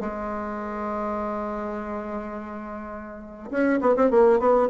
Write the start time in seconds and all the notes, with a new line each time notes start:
0.00 G#3
3.51 C#4
3.81 B3
3.96 C4
4.11 A#3
4.39 B3